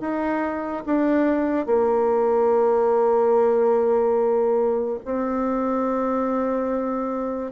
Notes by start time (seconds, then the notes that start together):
0.00 D#4
0.86 D4
1.66 A#3
5.05 C4